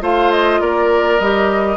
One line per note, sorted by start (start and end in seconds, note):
0.00 0.60 A3
0.00 1.19 F4
0.00 0.60 C5
0.00 0.31 F5
0.31 0.61 D#5
0.60 1.19 A#3
0.60 1.76 A#4
0.60 1.19 D5
1.19 1.76 G3
1.19 1.76 G4
1.19 1.76 D#5